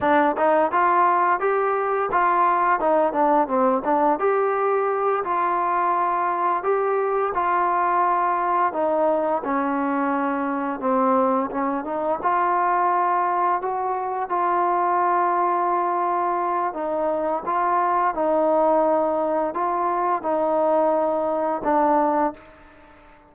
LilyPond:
\new Staff \with { instrumentName = "trombone" } { \time 4/4 \tempo 4 = 86 d'8 dis'8 f'4 g'4 f'4 | dis'8 d'8 c'8 d'8 g'4. f'8~ | f'4. g'4 f'4.~ | f'8 dis'4 cis'2 c'8~ |
c'8 cis'8 dis'8 f'2 fis'8~ | fis'8 f'2.~ f'8 | dis'4 f'4 dis'2 | f'4 dis'2 d'4 | }